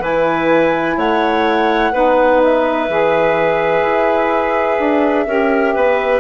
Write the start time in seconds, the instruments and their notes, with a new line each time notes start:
0.00 bassoon E3, saxophone E4, clarinet B4, flute G#5
0.97 bassoon A3, clarinet C#5, flute F#5
1.93 bassoon B3, saxophone D#4, clarinet B4
2.44 flute E5
2.89 bassoon E3, saxophone G#4
3.81 bassoon E4
4.80 bassoon D4
5.27 bassoon C#4, saxophone G4, clarinet A#4
5.74 bassoon B3, clarinet B4